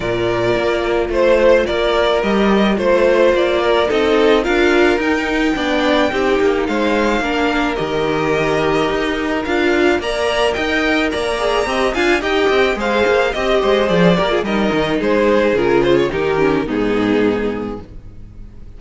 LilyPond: <<
  \new Staff \with { instrumentName = "violin" } { \time 4/4 \tempo 4 = 108 d''2 c''4 d''4 | dis''4 c''4 d''4 dis''4 | f''4 g''2. | f''2 dis''2~ |
dis''4 f''4 ais''4 g''4 | ais''4. gis''8 g''4 f''4 | dis''4 d''4 dis''4 c''4 | ais'8 c''16 cis''16 ais'4 gis'2 | }
  \new Staff \with { instrumentName = "violin" } { \time 4/4 ais'2 c''4 ais'4~ | ais'4 c''4. ais'8 a'4 | ais'2 d''4 g'4 | c''4 ais'2.~ |
ais'2 d''4 dis''4 | d''4 dis''8 f''8 dis''4 c''4 | dis''8 c''4 ais'16 gis'16 ais'4 gis'4~ | gis'4 g'4 dis'2 | }
  \new Staff \with { instrumentName = "viola" } { \time 4/4 f'1 | g'4 f'2 dis'4 | f'4 dis'4 d'4 dis'4~ | dis'4 d'4 g'2~ |
g'4 f'4 ais'2~ | ais'8 gis'8 g'8 f'8 g'4 gis'4 | g'4 gis'8 g'16 f'16 dis'2 | f'4 dis'8 cis'8 b2 | }
  \new Staff \with { instrumentName = "cello" } { \time 4/4 ais,4 ais4 a4 ais4 | g4 a4 ais4 c'4 | d'4 dis'4 b4 c'8 ais8 | gis4 ais4 dis2 |
dis'4 d'4 ais4 dis'4 | ais4 c'8 d'8 dis'8 c'8 gis8 ais8 | c'8 gis8 f8 ais8 g8 dis8 gis4 | cis4 dis4 gis,2 | }
>>